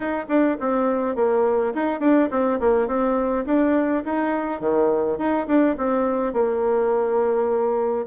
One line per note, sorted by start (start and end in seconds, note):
0.00 0.26 D#4
0.28 0.57 D4
0.60 1.15 C4
1.15 1.73 A#3
1.74 2.00 D#4
2.00 2.29 D4
2.31 2.59 C4
2.60 2.87 A#3
2.87 3.45 C4
3.45 4.03 D4
4.04 4.60 D#4
4.60 5.17 D#3
5.17 5.46 D#4
5.47 5.76 D4
5.77 6.33 C4
6.33 8.06 A#3